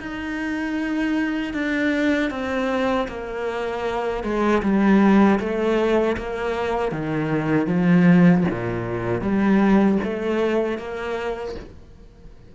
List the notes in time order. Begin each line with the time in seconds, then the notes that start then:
0.00 D#4
1.54 D4
2.30 C4
3.08 A#3
4.23 G#3
4.62 G3
5.40 A3
6.17 A#3
6.91 D#3
7.67 F3
8.50 A#2
9.21 G3
10.04 A3
10.78 A#3